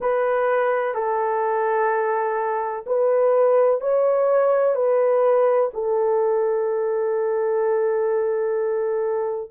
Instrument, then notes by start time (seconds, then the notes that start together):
horn
0.00 B4
0.94 A4
2.86 B4
3.81 C#5
4.74 B4
5.73 A4